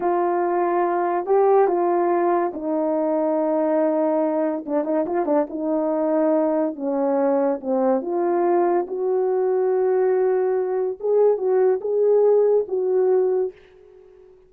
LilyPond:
\new Staff \with { instrumentName = "horn" } { \time 4/4 \tempo 4 = 142 f'2. g'4 | f'2 dis'2~ | dis'2. d'8 dis'8 | f'8 d'8 dis'2. |
cis'2 c'4 f'4~ | f'4 fis'2.~ | fis'2 gis'4 fis'4 | gis'2 fis'2 | }